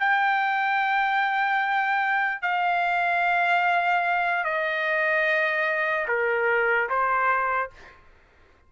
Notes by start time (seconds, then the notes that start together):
0.00 G5
2.42 F5
4.44 D#5
6.08 A#4
6.90 C5